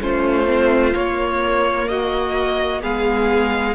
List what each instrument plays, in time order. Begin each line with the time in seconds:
0.00 cello A3, viola C#4, violin F4 C5
0.46 viola C4
0.93 viola A#3, cello A#3, violin C#5
1.88 violin F#4 D#5
2.82 cello G#3, viola B3, violin G#4 F5